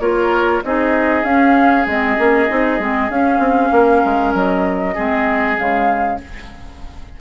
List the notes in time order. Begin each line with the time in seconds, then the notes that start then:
0.00 A#3 F4 A#4 C#5
0.64 C4 D#4 G#4 D#5
1.24 C#4 F5
1.86 G#3 C4 D#5
2.18 A#3 C#4
2.49 C4 D#4
2.79 G#3 C4
3.10 C#4 F5
3.39 C4
3.72 A#3 A#4
4.05 G#3
4.34 F#3 D#5
4.94 G#3 C4 G#4
5.57 C#3 G#3 F5